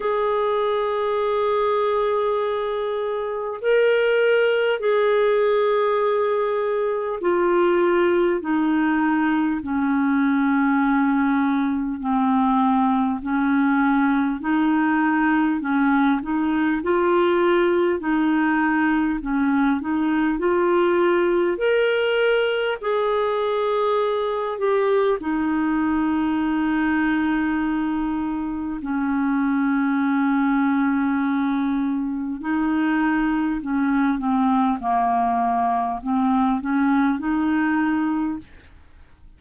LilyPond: \new Staff \with { instrumentName = "clarinet" } { \time 4/4 \tempo 4 = 50 gis'2. ais'4 | gis'2 f'4 dis'4 | cis'2 c'4 cis'4 | dis'4 cis'8 dis'8 f'4 dis'4 |
cis'8 dis'8 f'4 ais'4 gis'4~ | gis'8 g'8 dis'2. | cis'2. dis'4 | cis'8 c'8 ais4 c'8 cis'8 dis'4 | }